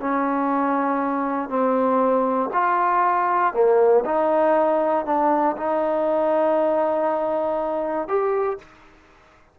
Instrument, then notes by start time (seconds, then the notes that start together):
trombone
0.00 C#4
1.49 C4
2.53 F4
3.53 A#3
4.05 D#4
5.05 D4
5.57 D#4
8.08 G4